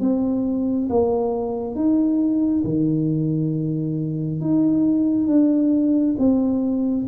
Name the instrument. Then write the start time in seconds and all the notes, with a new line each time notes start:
tuba
0.00 C4
0.89 A#3
1.75 D#4
2.64 D#3
4.41 D#4
5.27 D4
6.18 C4